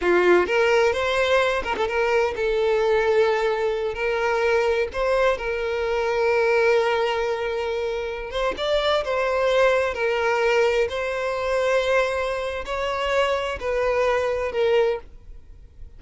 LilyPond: \new Staff \with { instrumentName = "violin" } { \time 4/4 \tempo 4 = 128 f'4 ais'4 c''4. ais'16 a'16 | ais'4 a'2.~ | a'8 ais'2 c''4 ais'8~ | ais'1~ |
ais'4.~ ais'16 c''8 d''4 c''8.~ | c''4~ c''16 ais'2 c''8.~ | c''2. cis''4~ | cis''4 b'2 ais'4 | }